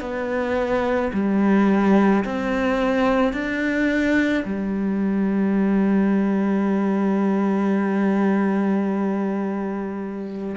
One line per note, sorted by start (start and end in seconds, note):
0.00 1.11 B3
1.13 2.24 G3
2.24 3.32 C4
3.32 4.43 D4
4.44 10.56 G3